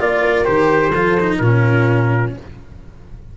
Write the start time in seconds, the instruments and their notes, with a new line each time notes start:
0.00 tuba A#3, cello F4, horn D5, trumpet D5
0.22 horn A#4
0.45 tuba D#3, cello G4, trumpet C5
0.92 tuba F3, cello F4, horn A4
1.20 cello D#4
1.38 tuba A#2, cello C#4, horn F4, trumpet A#4